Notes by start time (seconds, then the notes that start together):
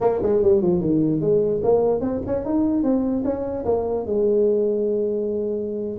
0.00 A#3
0.22 G#3
0.42 G3
0.61 F3
0.80 D#3
1.20 G#3
1.63 A#3
2.00 C4
2.26 C#4
2.45 D#4
2.83 C4
3.24 C#4
3.65 A#3
4.05 G#3